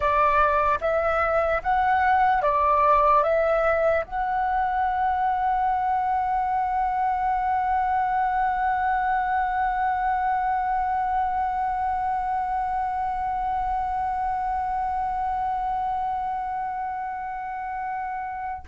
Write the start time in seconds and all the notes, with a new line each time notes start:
0.00 D5
0.81 E5
1.62 F#5
2.42 D5
3.23 E5
4.04 F#5